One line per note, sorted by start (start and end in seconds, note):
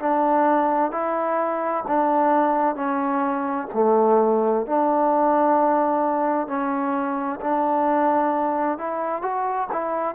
0.00 0.92 D4
0.92 1.84 E4
1.88 2.76 D4
2.76 3.68 C#4
3.74 4.67 A3
4.67 6.48 D4
6.48 7.40 C#4
7.41 8.79 D4
8.79 9.22 E4
9.22 9.68 F#4
9.73 10.15 E4